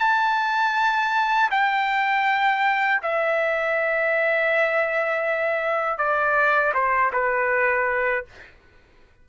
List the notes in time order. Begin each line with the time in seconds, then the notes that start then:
0.00 A5
1.51 G5
3.03 E5
5.98 D5
6.74 C5
7.13 B4